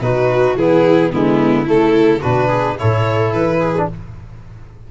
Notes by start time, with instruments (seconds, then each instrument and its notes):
0.00 tuba B2, trombone D#4, viola F#4, violin B4
0.55 tuba E3, trombone B3, viola E4, violin G#4
1.11 tuba D3, trombone G#3, viola B3, violin E4
1.64 tuba C#3, trombone A3, viola E4, violin A4
2.20 tuba B2, trombone D4, viola F#4, violin B4
2.48 viola G#4
2.78 tuba A2, trombone E4, viola A4, violin C#5
3.32 tuba E3, violin B4
3.60 viola G#4
3.77 trombone D4